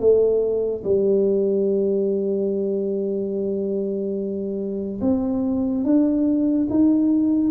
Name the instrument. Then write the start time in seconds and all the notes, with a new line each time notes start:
tuba
0.00 A3
0.84 G3
5.02 C4
5.85 D4
6.70 D#4